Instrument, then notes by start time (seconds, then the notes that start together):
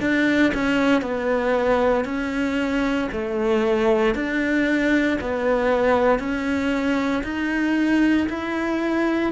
cello
0.00 D4
0.54 C#4
1.01 B3
2.05 C#4
3.12 A3
4.14 D4
5.21 B3
6.19 C#4
7.24 D#4
8.29 E4